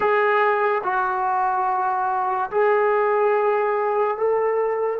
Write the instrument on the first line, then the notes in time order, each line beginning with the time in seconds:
trombone
0.00 G#4
0.83 F#4
2.50 G#4
4.17 A4